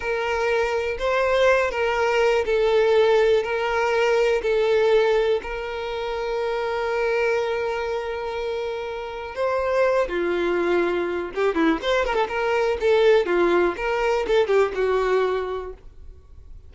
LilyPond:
\new Staff \with { instrumentName = "violin" } { \time 4/4 \tempo 4 = 122 ais'2 c''4. ais'8~ | ais'4 a'2 ais'4~ | ais'4 a'2 ais'4~ | ais'1~ |
ais'2. c''4~ | c''8 f'2~ f'8 g'8 e'8 | c''8 ais'16 a'16 ais'4 a'4 f'4 | ais'4 a'8 g'8 fis'2 | }